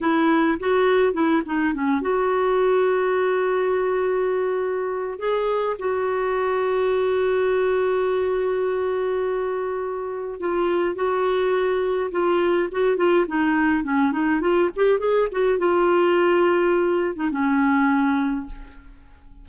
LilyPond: \new Staff \with { instrumentName = "clarinet" } { \time 4/4 \tempo 4 = 104 e'4 fis'4 e'8 dis'8 cis'8 fis'8~ | fis'1~ | fis'4 gis'4 fis'2~ | fis'1~ |
fis'2 f'4 fis'4~ | fis'4 f'4 fis'8 f'8 dis'4 | cis'8 dis'8 f'8 g'8 gis'8 fis'8 f'4~ | f'4.~ f'16 dis'16 cis'2 | }